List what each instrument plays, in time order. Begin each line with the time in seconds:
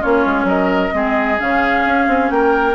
0.00 bassoon A#3, clarinet C#4, oboe F4, flute C#5
0.25 bassoon G#3
0.44 bassoon F#3, oboe A#4, flute D#5
0.91 bassoon G#3, clarinet C4, oboe G#4
1.38 bassoon C#3, clarinet C#4, flute F5
1.85 bassoon C#4
2.07 bassoon C4
2.30 bassoon A#3, oboe A#4, flute G5